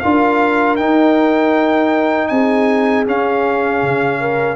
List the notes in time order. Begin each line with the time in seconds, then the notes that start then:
0.00 D4 F4 A#4 F5
0.76 D#4 G5
2.28 C4 G#4 G#5
3.06 C#4 F5
3.82 C#3
4.20 A#4